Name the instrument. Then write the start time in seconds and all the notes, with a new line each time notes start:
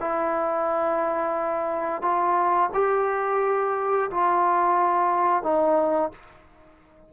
trombone
0.00 E4
2.01 F4
2.74 G4
4.10 F4
5.43 D#4